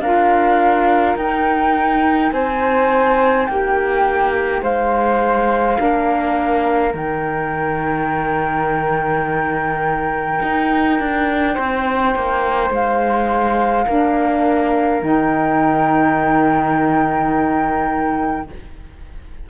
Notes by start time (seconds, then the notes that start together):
0.00 D4 F4 A#4 F5
1.16 D#4 G5
2.32 C4 C5 G#5
3.46 A#3 G4 G5
4.62 G#3 C5 F5
5.76 A#3 D4 A#4
6.90 D#3 D#4 G5
10.42 D#4
11.00 D4
11.54 C4 C5
12.15 A#3
12.70 G#3 F5
13.86 A#3 D4 A#4
15.01 D#3 D#4 G5